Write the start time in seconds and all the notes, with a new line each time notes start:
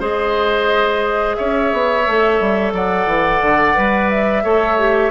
0.00 G#3 G#4 C5 D#5
1.35 C#4 C#5 E5
1.73 B3
2.07 A3 A4
2.41 G3
2.73 F#3 D5 F#5
3.06 E3
3.42 D3
3.75 G3 B4
4.10 E5
4.44 A3 A4 C#5
4.78 G4